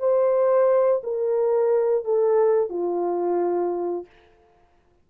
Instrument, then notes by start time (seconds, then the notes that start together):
horn
0.00 C5
1.04 A#4
2.05 A4
2.70 F4